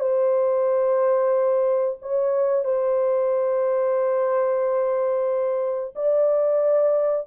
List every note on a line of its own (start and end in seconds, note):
0.00 1.98 C5
2.02 2.65 C#5
2.65 5.94 C5
5.96 7.27 D5